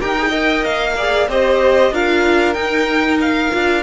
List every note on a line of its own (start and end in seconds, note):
0.00 0.65 D#4
0.00 0.16 G4
0.00 0.29 A#4
0.00 0.64 G5
0.18 0.31 G#4
0.29 0.95 A#4
0.29 0.92 D#5
0.64 1.28 A#3
0.64 1.28 F5
0.97 1.30 G#4
0.97 1.28 D5
1.28 1.91 C4
1.28 1.93 G4
1.28 1.92 C5
1.28 1.94 D#5
1.91 2.55 D4
1.91 2.55 F4
1.91 3.82 A#4
1.91 2.53 F5
2.53 3.50 D#4
2.53 3.51 D#4
2.53 3.17 G5
3.20 3.82 F5
3.50 3.82 D4
3.50 3.82 F4